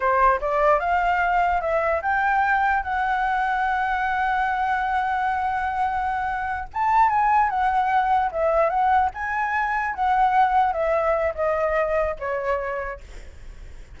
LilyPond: \new Staff \with { instrumentName = "flute" } { \time 4/4 \tempo 4 = 148 c''4 d''4 f''2 | e''4 g''2 fis''4~ | fis''1~ | fis''1~ |
fis''8 a''4 gis''4 fis''4.~ | fis''8 e''4 fis''4 gis''4.~ | gis''8 fis''2 e''4. | dis''2 cis''2 | }